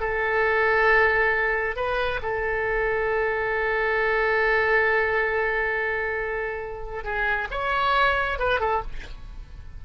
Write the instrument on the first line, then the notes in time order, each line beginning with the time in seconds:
oboe
0.00 A4
1.76 B4
2.23 A4
7.04 G#4
7.51 C#5
8.39 B4
8.60 A4